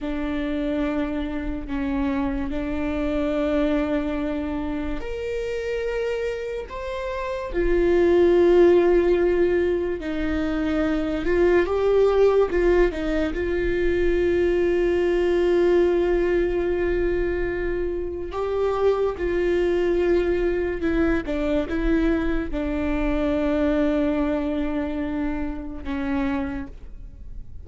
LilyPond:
\new Staff \with { instrumentName = "viola" } { \time 4/4 \tempo 4 = 72 d'2 cis'4 d'4~ | d'2 ais'2 | c''4 f'2. | dis'4. f'8 g'4 f'8 dis'8 |
f'1~ | f'2 g'4 f'4~ | f'4 e'8 d'8 e'4 d'4~ | d'2. cis'4 | }